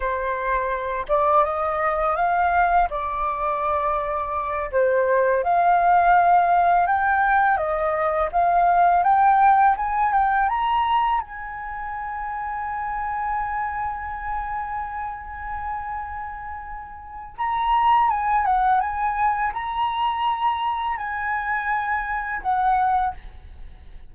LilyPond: \new Staff \with { instrumentName = "flute" } { \time 4/4 \tempo 4 = 83 c''4. d''8 dis''4 f''4 | d''2~ d''8 c''4 f''8~ | f''4. g''4 dis''4 f''8~ | f''8 g''4 gis''8 g''8 ais''4 gis''8~ |
gis''1~ | gis''1 | ais''4 gis''8 fis''8 gis''4 ais''4~ | ais''4 gis''2 fis''4 | }